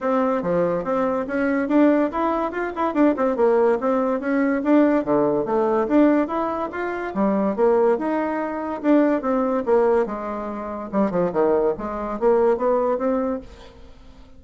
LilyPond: \new Staff \with { instrumentName = "bassoon" } { \time 4/4 \tempo 4 = 143 c'4 f4 c'4 cis'4 | d'4 e'4 f'8 e'8 d'8 c'8 | ais4 c'4 cis'4 d'4 | d4 a4 d'4 e'4 |
f'4 g4 ais4 dis'4~ | dis'4 d'4 c'4 ais4 | gis2 g8 f8 dis4 | gis4 ais4 b4 c'4 | }